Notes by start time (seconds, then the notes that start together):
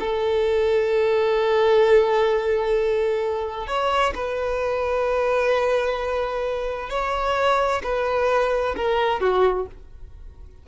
0.00 A4
3.68 C#5
4.15 B4
6.90 C#5
7.84 B4
8.77 A#4
9.21 F#4